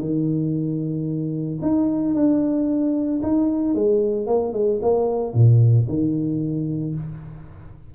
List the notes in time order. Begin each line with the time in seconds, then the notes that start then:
0.00 D#3
1.61 D#4
2.15 D4
3.23 D#4
3.75 G#3
4.26 A#3
4.53 G#3
4.82 A#3
5.34 A#2
5.88 D#3